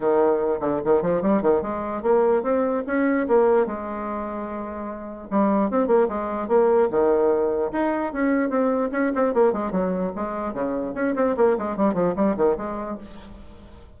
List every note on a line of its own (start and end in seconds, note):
0.00 0.60 D#3
0.60 0.80 D3
0.84 1.02 D#3
1.02 1.22 F3
1.22 1.42 G3
1.42 1.62 D#3
1.62 2.02 G#3
2.02 2.43 A#3
2.43 2.83 C4
2.86 3.27 C#4
3.27 3.66 A#3
3.66 5.28 G#3
5.30 5.70 G3
5.70 5.87 C4
5.87 6.07 A#3
6.08 6.48 G#3
6.48 6.88 A#3
6.90 7.71 D#3
7.72 8.12 D#4
8.12 8.49 C#4
8.49 8.90 C4
8.92 9.12 C#4
9.15 9.34 C4
9.34 9.52 A#3
9.52 9.71 G#3
9.71 10.12 F#3
10.15 10.53 G#3
10.53 10.94 C#3
10.94 11.14 C#4
11.15 11.36 C4
11.36 11.57 A#3
11.58 11.76 G#3
11.76 11.94 G3
11.94 12.14 F3
12.15 12.36 G3
12.36 12.57 D#3
12.57 12.97 G#3